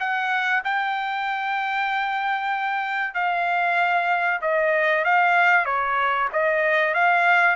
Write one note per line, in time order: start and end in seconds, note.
0.00 0.63 F#5
0.64 3.15 G5
3.15 4.41 F5
4.42 5.05 D#5
5.05 5.66 F5
5.66 6.29 C#5
6.33 6.94 D#5
6.94 7.56 F5